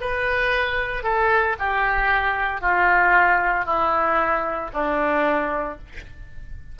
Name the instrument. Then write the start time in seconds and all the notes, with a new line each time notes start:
oboe
0.00 B4
1.03 A4
1.59 G4
2.61 F4
3.65 E4
4.73 D4